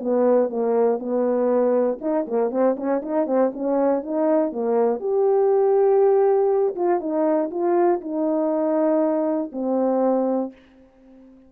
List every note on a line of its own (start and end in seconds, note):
0.00 0.50 B3
0.50 0.99 A#3
0.99 1.99 B3
2.01 2.26 D#4
2.27 2.51 A#3
2.51 2.76 C4
2.77 3.02 C#4
3.02 3.27 D#4
3.27 3.52 C4
3.54 4.03 C#4
4.03 4.52 D#4
4.52 5.00 A#3
5.00 6.75 G4
6.76 7.00 F4
7.00 7.50 D#4
7.51 8.01 F4
8.01 9.51 D#4
9.53 10.53 C4